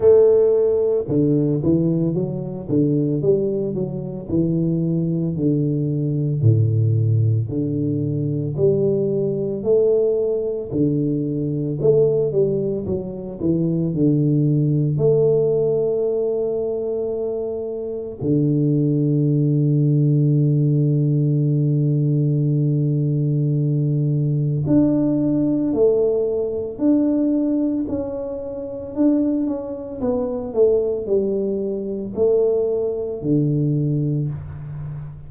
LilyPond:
\new Staff \with { instrumentName = "tuba" } { \time 4/4 \tempo 4 = 56 a4 d8 e8 fis8 d8 g8 fis8 | e4 d4 a,4 d4 | g4 a4 d4 a8 g8 | fis8 e8 d4 a2~ |
a4 d2.~ | d2. d'4 | a4 d'4 cis'4 d'8 cis'8 | b8 a8 g4 a4 d4 | }